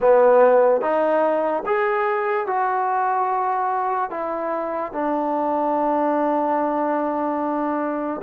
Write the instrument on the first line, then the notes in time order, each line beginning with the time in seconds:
trombone
0.00 B3
0.81 D#4
1.66 G#4
2.47 F#4
4.10 E4
4.92 D4